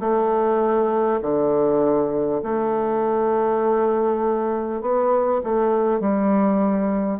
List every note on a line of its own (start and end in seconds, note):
0.00 1.20 A3
1.22 2.42 D3
2.43 4.81 A3
4.81 5.41 B3
5.43 5.99 A3
5.99 7.19 G3